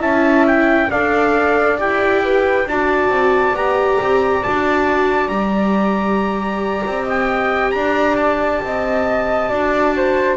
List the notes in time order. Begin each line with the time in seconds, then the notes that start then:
0.00 C#4 E4 E5 A5
0.47 G5
0.90 D4 A4 D5 F5
1.77 E4 G4 G5
2.24 B4
2.66 D4 F#4 D5 A5
3.09 C4
3.54 B3 G4 A#5
4.01 C4
4.44 D4 F#4 A5
5.28 G3 G4 A#5
6.86 C4
7.04 D#5 G5
7.71 D4 D5 A#5
8.16 A5
8.62 C4 D#5
9.49 D4 F#4 D5
9.96 C5